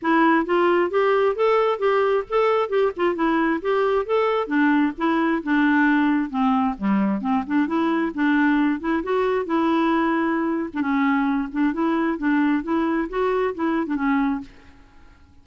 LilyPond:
\new Staff \with { instrumentName = "clarinet" } { \time 4/4 \tempo 4 = 133 e'4 f'4 g'4 a'4 | g'4 a'4 g'8 f'8 e'4 | g'4 a'4 d'4 e'4 | d'2 c'4 g4 |
c'8 d'8 e'4 d'4. e'8 | fis'4 e'2~ e'8. d'16 | cis'4. d'8 e'4 d'4 | e'4 fis'4 e'8. d'16 cis'4 | }